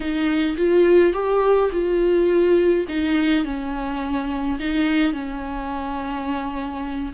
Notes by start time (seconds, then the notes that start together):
0.00 D#4
0.57 F4
1.13 G4
1.71 F4
2.88 D#4
3.44 C#4
4.59 D#4
5.12 C#4